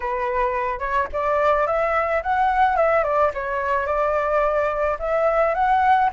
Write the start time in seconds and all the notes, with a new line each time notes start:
0.00 B4
0.79 C#5
1.12 D5
1.67 E5
2.22 F#5
2.76 E5
3.03 D5
3.34 C#5
3.86 D5
4.99 E5
5.54 F#5